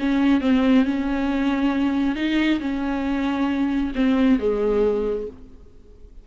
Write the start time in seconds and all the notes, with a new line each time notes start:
0.00 C#4
0.41 C4
0.85 C#4
2.16 D#4
2.60 C#4
3.95 C4
4.39 G#3